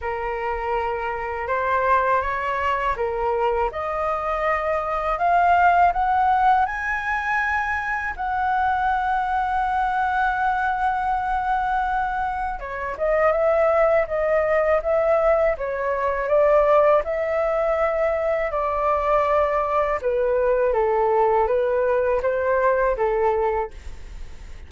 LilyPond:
\new Staff \with { instrumentName = "flute" } { \time 4/4 \tempo 4 = 81 ais'2 c''4 cis''4 | ais'4 dis''2 f''4 | fis''4 gis''2 fis''4~ | fis''1~ |
fis''4 cis''8 dis''8 e''4 dis''4 | e''4 cis''4 d''4 e''4~ | e''4 d''2 b'4 | a'4 b'4 c''4 a'4 | }